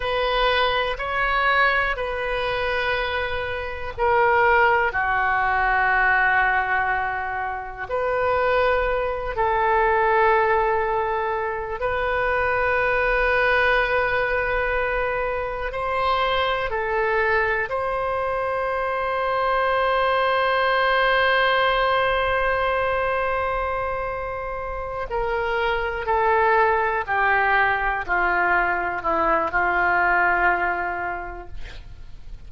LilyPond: \new Staff \with { instrumentName = "oboe" } { \time 4/4 \tempo 4 = 61 b'4 cis''4 b'2 | ais'4 fis'2. | b'4. a'2~ a'8 | b'1 |
c''4 a'4 c''2~ | c''1~ | c''4. ais'4 a'4 g'8~ | g'8 f'4 e'8 f'2 | }